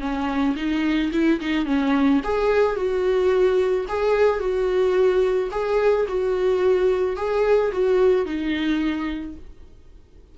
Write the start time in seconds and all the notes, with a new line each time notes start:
0.00 C#4
0.56 D#4
1.12 E4
1.40 D#4
1.66 C#4
2.24 G#4
2.76 F#4
3.88 G#4
4.39 F#4
5.51 G#4
6.08 F#4
7.16 G#4
7.72 F#4
8.25 D#4